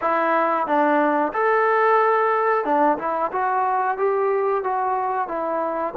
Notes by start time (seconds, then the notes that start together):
0.01 E4
0.66 D4
1.32 A4
2.64 D4
2.98 E4
3.31 F#4
3.97 G4
4.63 F#4
5.27 E4